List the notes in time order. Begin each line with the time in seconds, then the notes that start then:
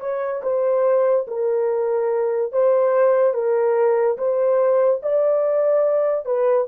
0.00 C#5
0.43 C5
1.28 A#4
2.52 C5
3.34 A#4
4.18 C5
5.03 D5
6.25 B4